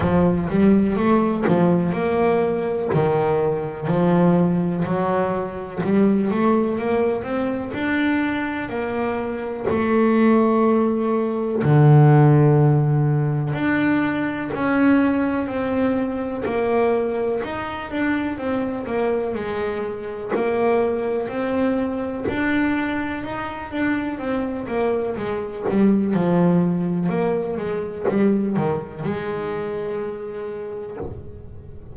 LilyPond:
\new Staff \with { instrumentName = "double bass" } { \time 4/4 \tempo 4 = 62 f8 g8 a8 f8 ais4 dis4 | f4 fis4 g8 a8 ais8 c'8 | d'4 ais4 a2 | d2 d'4 cis'4 |
c'4 ais4 dis'8 d'8 c'8 ais8 | gis4 ais4 c'4 d'4 | dis'8 d'8 c'8 ais8 gis8 g8 f4 | ais8 gis8 g8 dis8 gis2 | }